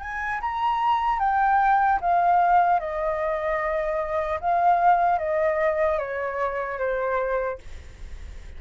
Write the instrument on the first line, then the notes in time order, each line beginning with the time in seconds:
flute
0.00 G#5
0.40 A#5
1.19 G5
2.00 F5
2.79 D#5
4.40 F5
5.18 D#5
5.98 C#5
6.78 C5